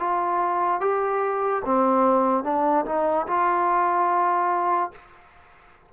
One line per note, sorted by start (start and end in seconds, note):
0.00 0.81 F4
0.81 1.63 G4
1.66 2.44 C4
2.44 2.85 D4
2.86 3.27 D#4
3.28 4.92 F4